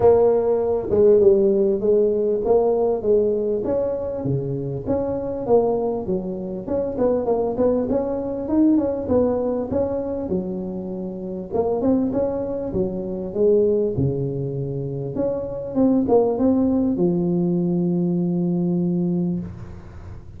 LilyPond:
\new Staff \with { instrumentName = "tuba" } { \time 4/4 \tempo 4 = 99 ais4. gis8 g4 gis4 | ais4 gis4 cis'4 cis4 | cis'4 ais4 fis4 cis'8 b8 | ais8 b8 cis'4 dis'8 cis'8 b4 |
cis'4 fis2 ais8 c'8 | cis'4 fis4 gis4 cis4~ | cis4 cis'4 c'8 ais8 c'4 | f1 | }